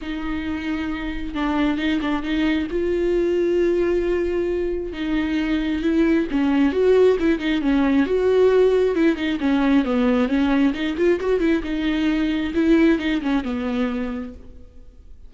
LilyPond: \new Staff \with { instrumentName = "viola" } { \time 4/4 \tempo 4 = 134 dis'2. d'4 | dis'8 d'8 dis'4 f'2~ | f'2. dis'4~ | dis'4 e'4 cis'4 fis'4 |
e'8 dis'8 cis'4 fis'2 | e'8 dis'8 cis'4 b4 cis'4 | dis'8 f'8 fis'8 e'8 dis'2 | e'4 dis'8 cis'8 b2 | }